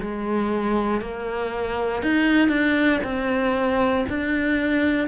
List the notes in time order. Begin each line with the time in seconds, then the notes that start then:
0.00 G#3
1.01 A#3
2.02 D#4
2.48 D4
3.03 C4
4.09 D4